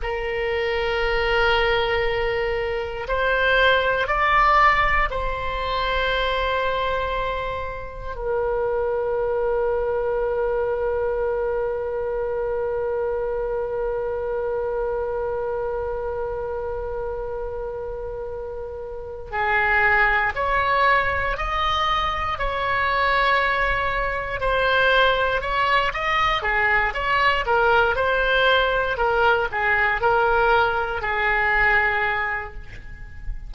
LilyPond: \new Staff \with { instrumentName = "oboe" } { \time 4/4 \tempo 4 = 59 ais'2. c''4 | d''4 c''2. | ais'1~ | ais'1~ |
ais'2. gis'4 | cis''4 dis''4 cis''2 | c''4 cis''8 dis''8 gis'8 cis''8 ais'8 c''8~ | c''8 ais'8 gis'8 ais'4 gis'4. | }